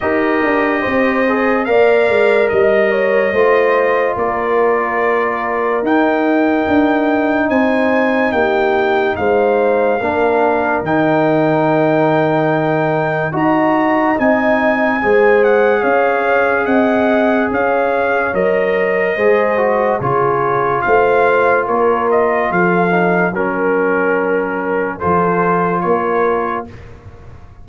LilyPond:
<<
  \new Staff \with { instrumentName = "trumpet" } { \time 4/4 \tempo 4 = 72 dis''2 f''4 dis''4~ | dis''4 d''2 g''4~ | g''4 gis''4 g''4 f''4~ | f''4 g''2. |
ais''4 gis''4. fis''8 f''4 | fis''4 f''4 dis''2 | cis''4 f''4 cis''8 dis''8 f''4 | ais'2 c''4 cis''4 | }
  \new Staff \with { instrumentName = "horn" } { \time 4/4 ais'4 c''4 d''4 dis''8 cis''8 | c''4 ais'2.~ | ais'4 c''4 g'4 c''4 | ais'1 |
dis''2 c''4 cis''4 | dis''4 cis''2 c''4 | gis'4 c''4 ais'4 a'4 | ais'2 a'4 ais'4 | }
  \new Staff \with { instrumentName = "trombone" } { \time 4/4 g'4. gis'8 ais'2 | f'2. dis'4~ | dis'1 | d'4 dis'2. |
fis'4 dis'4 gis'2~ | gis'2 ais'4 gis'8 fis'8 | f'2.~ f'8 dis'8 | cis'2 f'2 | }
  \new Staff \with { instrumentName = "tuba" } { \time 4/4 dis'8 d'8 c'4 ais8 gis8 g4 | a4 ais2 dis'4 | d'4 c'4 ais4 gis4 | ais4 dis2. |
dis'4 c'4 gis4 cis'4 | c'4 cis'4 fis4 gis4 | cis4 a4 ais4 f4 | fis2 f4 ais4 | }
>>